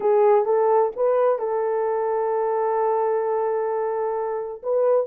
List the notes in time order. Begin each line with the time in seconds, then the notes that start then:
0.00 G#4
0.45 A4
0.95 B4
1.38 A4
4.63 B4